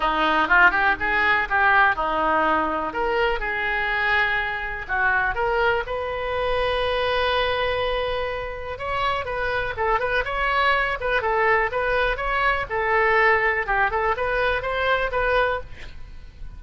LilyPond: \new Staff \with { instrumentName = "oboe" } { \time 4/4 \tempo 4 = 123 dis'4 f'8 g'8 gis'4 g'4 | dis'2 ais'4 gis'4~ | gis'2 fis'4 ais'4 | b'1~ |
b'2 cis''4 b'4 | a'8 b'8 cis''4. b'8 a'4 | b'4 cis''4 a'2 | g'8 a'8 b'4 c''4 b'4 | }